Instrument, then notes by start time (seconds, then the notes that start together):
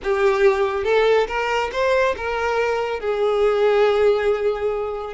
violin
0.03 G4
0.84 A4
1.27 A#4
1.72 C5
2.16 A#4
2.99 G#4